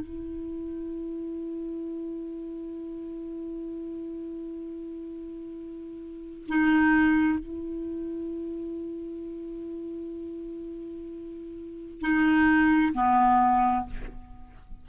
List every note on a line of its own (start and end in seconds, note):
0.00 6.46 E4
6.48 7.39 D#4
7.39 12.01 E4
12.01 12.93 D#4
12.94 13.86 B3